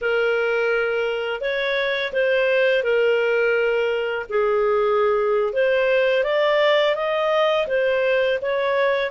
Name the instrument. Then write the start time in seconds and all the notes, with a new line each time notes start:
clarinet
0.01 A#4
1.41 C#5
2.12 C5
2.83 A#4
4.29 G#4
5.53 C5
6.23 D5
6.95 D#5
7.67 C5
8.41 C#5